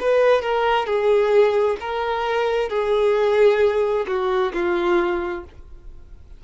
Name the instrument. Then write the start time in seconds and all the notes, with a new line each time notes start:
violin
0.00 B4
0.41 A#4
0.86 G#4
1.80 A#4
2.69 G#4
4.07 F#4
4.53 F4